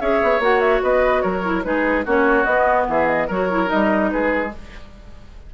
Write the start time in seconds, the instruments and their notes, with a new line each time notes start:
0.00 bassoon C#4, clarinet G#4, oboe C#5, flute E5
0.23 bassoon B3
0.39 bassoon A#3, clarinet F#4, flute F#5
0.60 flute E5
0.83 bassoon B3, oboe B4, flute D#5
1.21 bassoon F#3, oboe A#4, flute C#5
1.43 clarinet E4
1.64 bassoon G#3, clarinet D#4, oboe G#4, flute B4
2.05 bassoon A#3, clarinet C#4, oboe F#4, flute C#5
2.45 bassoon B3, clarinet B3, flute D#5
2.88 bassoon E3, oboe G#4, flute E5
3.08 flute D#5
3.27 bassoon F#3, clarinet F#4, oboe A#4, flute C#5
3.50 clarinet E4
3.66 clarinet D#4, flute D#5
3.73 bassoon G3
4.10 bassoon G#3, oboe G#4, flute B4